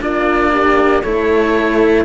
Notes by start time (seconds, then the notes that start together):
0.00 A#3 D4 F4 D5
0.52 G4
1.02 A3 E4 A4 C#5